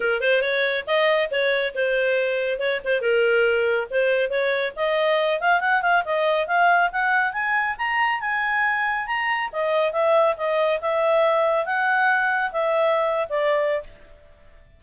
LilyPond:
\new Staff \with { instrumentName = "clarinet" } { \time 4/4 \tempo 4 = 139 ais'8 c''8 cis''4 dis''4 cis''4 | c''2 cis''8 c''8 ais'4~ | ais'4 c''4 cis''4 dis''4~ | dis''8 f''8 fis''8 f''8 dis''4 f''4 |
fis''4 gis''4 ais''4 gis''4~ | gis''4 ais''4 dis''4 e''4 | dis''4 e''2 fis''4~ | fis''4 e''4.~ e''16 d''4~ d''16 | }